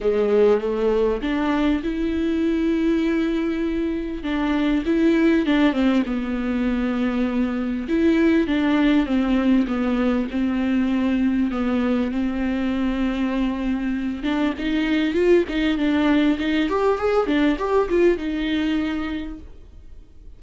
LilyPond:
\new Staff \with { instrumentName = "viola" } { \time 4/4 \tempo 4 = 99 gis4 a4 d'4 e'4~ | e'2. d'4 | e'4 d'8 c'8 b2~ | b4 e'4 d'4 c'4 |
b4 c'2 b4 | c'2.~ c'8 d'8 | dis'4 f'8 dis'8 d'4 dis'8 g'8 | gis'8 d'8 g'8 f'8 dis'2 | }